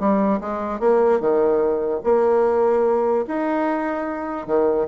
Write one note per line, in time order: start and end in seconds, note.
0.00 0.41 G3
0.41 0.80 G#3
0.80 1.20 A#3
1.20 2.01 D#3
2.04 3.26 A#3
3.28 4.47 D#4
4.47 4.87 D#3